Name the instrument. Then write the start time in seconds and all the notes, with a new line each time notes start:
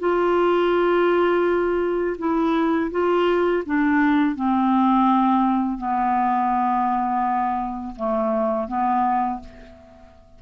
clarinet
0.00 F4
2.19 E4
2.91 F4
3.66 D4
4.36 C4
5.78 B3
7.96 A3
8.68 B3